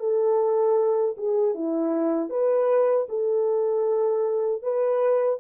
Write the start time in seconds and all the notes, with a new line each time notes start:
0.00 A4
1.18 G#4
1.55 E4
2.30 B4
3.09 A4
4.63 B4